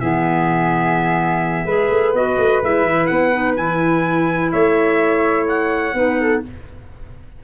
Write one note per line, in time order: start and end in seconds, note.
0.00 1.65 E3
0.00 1.68 B3
0.00 1.66 G#4
0.00 2.15 E5
1.65 1.89 G#3
1.65 2.15 G#4
1.65 4.51 B4
1.90 2.13 A3
2.13 2.37 B3
2.13 2.63 F#4
2.13 2.63 D#5
2.38 2.62 A3
2.62 2.83 G#3
2.62 3.33 E4
2.62 3.07 E5
2.83 3.07 E3
3.07 3.57 B3
3.07 3.54 F#5
3.33 3.57 D#4
3.57 4.53 E3
3.57 5.94 E4
3.57 4.52 G#5
4.52 5.94 A3
4.52 5.95 C#5
4.52 5.47 E5
5.48 6.43 F#5
5.94 6.41 B3
5.94 6.42 D#4
5.94 6.21 B4
6.21 6.44 A4